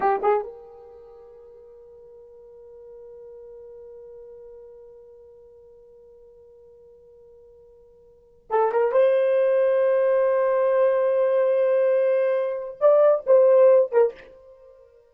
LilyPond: \new Staff \with { instrumentName = "horn" } { \time 4/4 \tempo 4 = 136 g'8 gis'8 ais'2.~ | ais'1~ | ais'1~ | ais'1~ |
ais'2.~ ais'16 a'8 ais'16~ | ais'16 c''2.~ c''8.~ | c''1~ | c''4 d''4 c''4. ais'8 | }